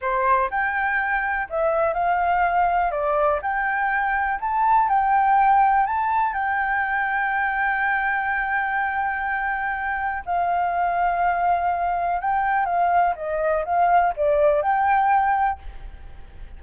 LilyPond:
\new Staff \with { instrumentName = "flute" } { \time 4/4 \tempo 4 = 123 c''4 g''2 e''4 | f''2 d''4 g''4~ | g''4 a''4 g''2 | a''4 g''2.~ |
g''1~ | g''4 f''2.~ | f''4 g''4 f''4 dis''4 | f''4 d''4 g''2 | }